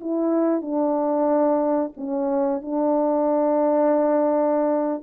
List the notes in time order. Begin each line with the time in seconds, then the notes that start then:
0.00 E4
0.61 D4
1.96 C#4
2.61 D4